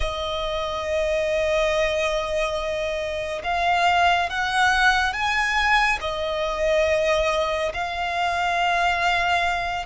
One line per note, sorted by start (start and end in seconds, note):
0.00 3.42 D#5
3.43 4.29 F5
4.29 5.13 F#5
5.13 5.98 G#5
6.00 7.72 D#5
7.73 9.85 F5